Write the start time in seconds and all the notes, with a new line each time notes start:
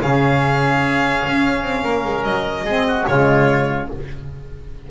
0.00 C#3 C#4 G#4 F5
1.26 C#4
1.63 C4
1.83 A#3 A#4
2.05 G#3
2.24 F#3 D#5
2.64 G#3 C4 G#4
2.88 F#4
3.07 C#3 G#3 F4 C#5